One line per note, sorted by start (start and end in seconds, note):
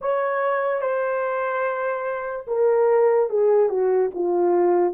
0.01 0.81 C#5
0.81 2.45 C5
2.47 3.29 A#4
3.29 3.69 G#4
3.69 4.10 F#4
4.14 4.94 F4